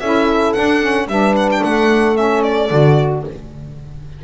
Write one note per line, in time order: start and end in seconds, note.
0.00 0.55 C#4
0.00 0.56 E4
0.00 1.08 A4
0.00 0.53 E5
0.53 0.82 D4
0.53 1.07 D4
0.53 1.07 F#5
0.82 1.08 C#4
1.07 1.61 G3
1.07 2.15 D4
1.07 1.61 B4
1.07 1.36 E5
1.36 1.50 F#5
1.52 1.64 G5
1.61 2.71 A3
1.61 3.22 A4
1.61 2.17 F#5
2.15 2.68 C#4
2.15 2.43 E5
2.43 3.23 D5
2.70 3.24 D3
2.70 3.24 F#4